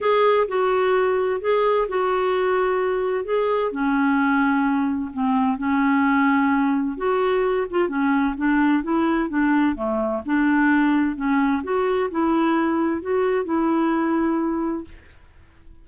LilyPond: \new Staff \with { instrumentName = "clarinet" } { \time 4/4 \tempo 4 = 129 gis'4 fis'2 gis'4 | fis'2. gis'4 | cis'2. c'4 | cis'2. fis'4~ |
fis'8 f'8 cis'4 d'4 e'4 | d'4 a4 d'2 | cis'4 fis'4 e'2 | fis'4 e'2. | }